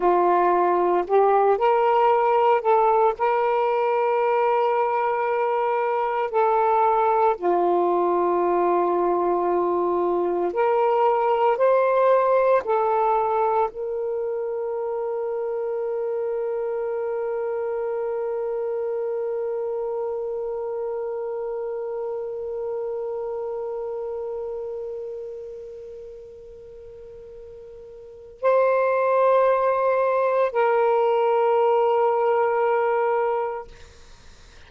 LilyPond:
\new Staff \with { instrumentName = "saxophone" } { \time 4/4 \tempo 4 = 57 f'4 g'8 ais'4 a'8 ais'4~ | ais'2 a'4 f'4~ | f'2 ais'4 c''4 | a'4 ais'2.~ |
ais'1~ | ais'1~ | ais'2. c''4~ | c''4 ais'2. | }